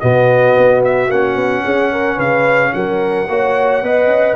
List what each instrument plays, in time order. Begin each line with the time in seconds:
0.00 tuba B2, trombone B3, horn F#4, trumpet D#5
0.57 tuba B3
0.85 trumpet E5
1.09 tuba A#3, trombone C#4, trumpet F#5
1.36 tuba B3
1.64 tuba C#4, horn G#4
1.92 horn A#4
2.16 tuba C#3, horn B4, trumpet F5
2.73 tuba F#3, horn A#4, trumpet F#5
3.29 tuba A#3, trombone F#4, horn C#5
3.83 tuba B3, trombone B4, horn D#5
4.07 tuba C#4